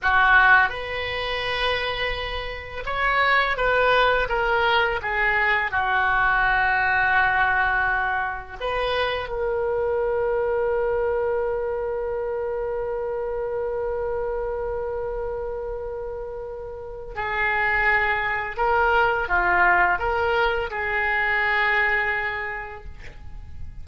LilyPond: \new Staff \with { instrumentName = "oboe" } { \time 4/4 \tempo 4 = 84 fis'4 b'2. | cis''4 b'4 ais'4 gis'4 | fis'1 | b'4 ais'2.~ |
ais'1~ | ais'1 | gis'2 ais'4 f'4 | ais'4 gis'2. | }